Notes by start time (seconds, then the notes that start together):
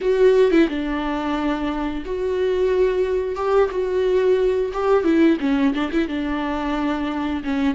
0.00 F#4
0.51 E4
0.69 D4
2.05 F#4
3.35 G4
3.70 F#4
4.73 G4
5.04 E4
5.40 C#4
5.73 D4
5.92 E4
6.08 D4
7.43 C#4